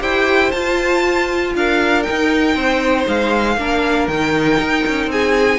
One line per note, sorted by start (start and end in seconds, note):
0.00 0.52 E4
0.00 0.51 G4
0.00 1.53 C5
0.00 0.51 G5
0.51 1.55 F4
0.51 2.04 F4
0.51 1.53 A5
1.55 2.06 D4
1.55 2.55 A#4
1.55 2.03 F5
2.03 3.56 D#4
2.03 3.05 G5
2.09 2.55 D#4
2.55 3.06 C4
2.55 3.56 C5
3.08 3.57 G#3
3.08 4.08 F5
3.57 4.08 A#3
3.57 4.09 D4
3.57 5.12 A#4
4.08 4.58 D#3
4.08 5.59 D#4
4.08 5.09 G5
4.60 4.85 D#4
4.87 5.06 C#4
5.06 5.57 C4
5.06 5.59 G#4
5.06 5.59 G#5